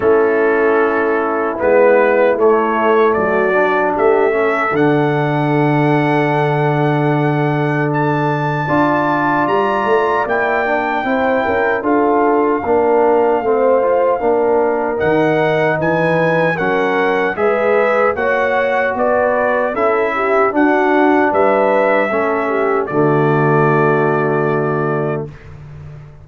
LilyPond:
<<
  \new Staff \with { instrumentName = "trumpet" } { \time 4/4 \tempo 4 = 76 a'2 b'4 cis''4 | d''4 e''4 fis''2~ | fis''2 a''2 | ais''4 g''2 f''4~ |
f''2. fis''4 | gis''4 fis''4 e''4 fis''4 | d''4 e''4 fis''4 e''4~ | e''4 d''2. | }
  \new Staff \with { instrumentName = "horn" } { \time 4/4 e'1 | fis'4 g'8 a'2~ a'8~ | a'2. d''4~ | d''2 c''8 ais'8 a'4 |
ais'4 c''4 ais'2 | b'4 ais'4 b'4 cis''4 | b'4 a'8 g'8 fis'4 b'4 | a'8 g'8 fis'2. | }
  \new Staff \with { instrumentName = "trombone" } { \time 4/4 cis'2 b4 a4~ | a8 d'4 cis'8 d'2~ | d'2. f'4~ | f'4 e'8 d'8 e'4 f'4 |
d'4 c'8 f'8 d'4 dis'4~ | dis'4 cis'4 gis'4 fis'4~ | fis'4 e'4 d'2 | cis'4 a2. | }
  \new Staff \with { instrumentName = "tuba" } { \time 4/4 a2 gis4 a4 | fis4 a4 d2~ | d2. d'4 | g8 a8 ais4 c'8 cis'8 d'4 |
ais4 a4 ais4 dis4 | e4 fis4 gis4 ais4 | b4 cis'4 d'4 g4 | a4 d2. | }
>>